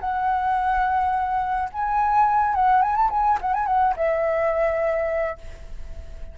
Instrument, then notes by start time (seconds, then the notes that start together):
flute
0.00 F#5
1.72 G#5
2.54 F#5
2.82 G#5
2.96 A5
3.10 G#5
3.41 F#5
3.54 G#5
3.66 F#5
3.96 E5